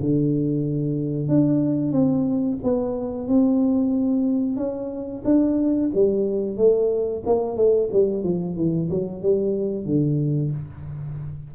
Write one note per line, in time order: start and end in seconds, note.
0.00 1.28 D3
1.28 1.92 D4
1.92 2.58 C4
2.63 3.28 B3
3.28 4.56 C4
4.56 5.22 C#4
5.24 5.90 D4
5.94 6.57 G3
6.57 7.23 A3
7.26 7.56 A#3
7.56 7.89 A3
7.92 8.23 G3
8.23 8.56 F3
8.56 8.89 E3
8.90 9.22 F#3
9.22 9.85 G3
9.85 10.51 D3